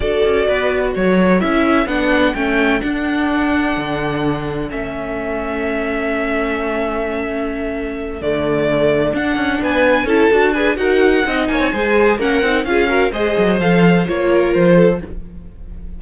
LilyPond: <<
  \new Staff \with { instrumentName = "violin" } { \time 4/4 \tempo 4 = 128 d''2 cis''4 e''4 | fis''4 g''4 fis''2~ | fis''2 e''2~ | e''1~ |
e''4. d''2 fis''8~ | fis''8 gis''4 a''4 gis''8 fis''4~ | fis''8 gis''4. fis''4 f''4 | dis''4 f''4 cis''4 c''4 | }
  \new Staff \with { instrumentName = "violin" } { \time 4/4 a'4 b'4 a'2~ | a'1~ | a'1~ | a'1~ |
a'1~ | a'8 b'4 a'4 b'8 ais'4 | dis''8 cis''8 c''4 ais'4 gis'8 ais'8 | c''2~ c''8 ais'4 a'8 | }
  \new Staff \with { instrumentName = "viola" } { \time 4/4 fis'2. e'4 | d'4 cis'4 d'2~ | d'2 cis'2~ | cis'1~ |
cis'4. a2 d'8~ | d'4. e'8 fis'8 gis'8 fis'4 | dis'4 gis'4 cis'8 dis'8 f'8 fis'8 | gis'4 a'4 f'2 | }
  \new Staff \with { instrumentName = "cello" } { \time 4/4 d'8 cis'8 b4 fis4 cis'4 | b4 a4 d'2 | d2 a2~ | a1~ |
a4. d2 d'8 | cis'8 b4 cis'8 d'4 dis'4 | c'8 ais16 c'16 gis4 ais8 c'8 cis'4 | gis8 fis8 f4 ais4 f4 | }
>>